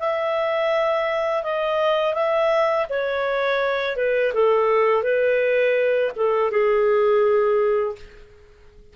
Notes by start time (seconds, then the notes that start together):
0.00 E5
1.44 D#5
2.15 E5
2.90 C#5
3.97 B4
4.34 A4
5.03 B4
6.16 A4
6.52 G#4